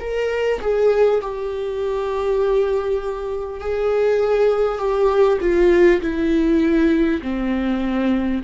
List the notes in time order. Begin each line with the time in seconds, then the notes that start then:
0.00 A#4
0.61 G#4
1.21 G4
3.60 G#4
4.78 G4
5.41 F4
6.01 E4
7.22 C4